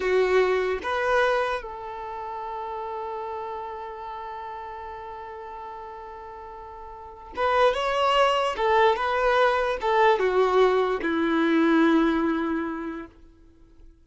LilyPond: \new Staff \with { instrumentName = "violin" } { \time 4/4 \tempo 4 = 147 fis'2 b'2 | a'1~ | a'1~ | a'1~ |
a'2 b'4 cis''4~ | cis''4 a'4 b'2 | a'4 fis'2 e'4~ | e'1 | }